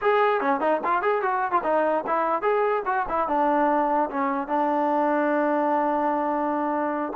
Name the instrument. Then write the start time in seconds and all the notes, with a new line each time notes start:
trombone
0.01 G#4
0.40 C#4
0.60 D#4
0.83 F4
1.02 G#4
1.22 F#4
1.51 F4
1.63 D#4
2.06 E4
2.42 G#4
2.85 F#4
3.09 E4
3.28 D4
4.09 C#4
4.47 D4